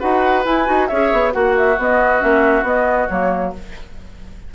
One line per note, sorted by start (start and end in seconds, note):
0.00 0.46 D#4
0.00 0.45 F#4
0.00 0.88 B4
0.00 0.44 F#5
0.45 0.66 E4
0.45 0.68 E4
0.45 0.88 G#5
0.66 0.91 D#4
0.66 0.88 F#4
0.88 1.13 C#4
0.88 1.32 G#4
0.88 1.33 C#5
0.88 1.32 E5
1.13 1.35 B3
1.32 1.78 A#3
1.32 1.76 F#4
1.32 3.55 F#4
1.32 1.55 F#5
1.58 1.80 E5
1.78 2.22 B3
1.78 2.20 B3
1.78 2.22 D#5
2.20 2.63 A#3
2.20 2.64 C#4
2.20 2.66 E5
2.63 3.07 B3
2.63 3.09 B3
2.63 3.09 D#5
3.09 3.55 F#3
3.09 3.54 A#3
3.09 3.53 C#5